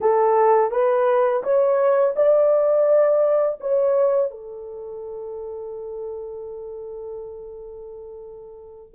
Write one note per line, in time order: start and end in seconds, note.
0.00 0.71 A4
0.71 1.43 B4
1.43 2.14 C#5
2.16 3.58 D5
3.60 4.30 C#5
4.30 8.94 A4